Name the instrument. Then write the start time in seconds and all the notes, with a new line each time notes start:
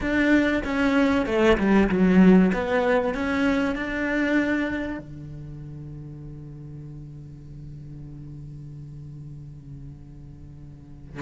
cello
0.00 D4
0.64 C#4
1.26 A3
1.57 G3
1.89 F#3
2.53 B3
3.14 C#4
3.75 D4
4.98 D3